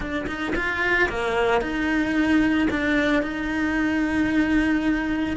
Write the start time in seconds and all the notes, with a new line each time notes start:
0.00 D4
0.26 D#4
0.55 F4
1.09 A#3
1.61 D#4
2.70 D4
3.22 D#4